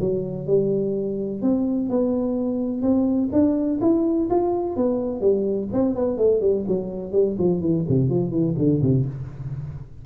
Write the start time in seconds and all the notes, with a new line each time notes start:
0.00 F#3
0.47 G3
1.42 C4
1.90 B3
2.82 C4
3.32 D4
3.81 E4
4.30 F4
4.76 B3
5.21 G3
5.73 C4
5.95 B3
6.17 A3
6.41 G3
6.68 F#3
7.12 G3
7.38 F3
7.61 E3
7.89 C3
8.10 F3
8.31 E3
8.58 D3
8.82 C3